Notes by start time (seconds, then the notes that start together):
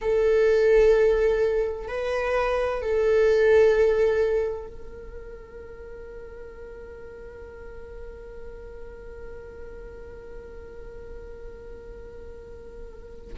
0.01 A4
1.87 B4
2.82 A4
4.67 A#4